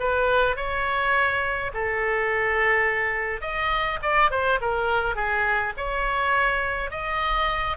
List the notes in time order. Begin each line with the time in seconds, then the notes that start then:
0.00 B4
0.56 C#5
1.74 A4
3.41 D#5
4.03 D5
4.31 C5
4.62 A#4
5.16 G#4
5.77 C#5
6.91 D#5